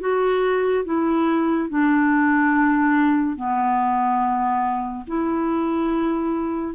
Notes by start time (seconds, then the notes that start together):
0.00 F#4
0.85 E4
1.69 D4
3.36 B3
5.07 E4